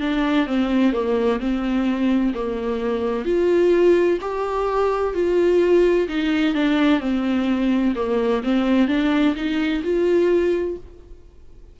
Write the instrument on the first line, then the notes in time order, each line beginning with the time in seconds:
viola
0.00 D4
0.46 C4
0.92 A#3
1.40 C4
2.34 A#3
3.25 F4
4.21 G4
5.14 F4
6.08 D#4
6.55 D4
7.00 C4
7.96 A#3
8.43 C4
8.88 D4
9.35 D#4
9.83 F4